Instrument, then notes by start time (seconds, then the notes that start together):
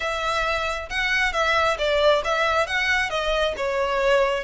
violin
0.00 E5
0.89 F#5
1.32 E5
1.78 D5
2.24 E5
2.66 F#5
3.09 D#5
3.57 C#5